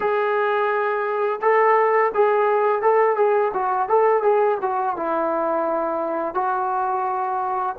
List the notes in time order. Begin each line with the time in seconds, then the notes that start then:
0.00 G#4
1.41 A4
2.14 G#4
2.82 A4
3.16 G#4
3.53 F#4
3.88 A4
4.22 G#4
4.61 F#4
4.96 E4
6.34 F#4